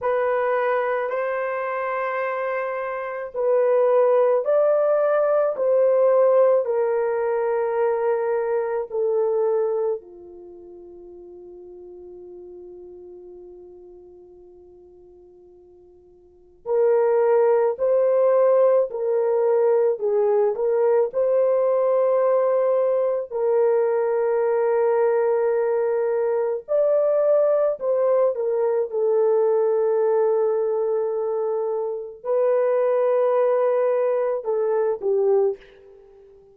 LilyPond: \new Staff \with { instrumentName = "horn" } { \time 4/4 \tempo 4 = 54 b'4 c''2 b'4 | d''4 c''4 ais'2 | a'4 f'2.~ | f'2. ais'4 |
c''4 ais'4 gis'8 ais'8 c''4~ | c''4 ais'2. | d''4 c''8 ais'8 a'2~ | a'4 b'2 a'8 g'8 | }